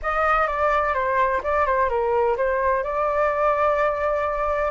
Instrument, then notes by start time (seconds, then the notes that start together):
flute
0.02 D#5
0.47 D5
0.94 C5
1.43 D5
1.65 C5
1.89 A#4
2.36 C5
2.83 D5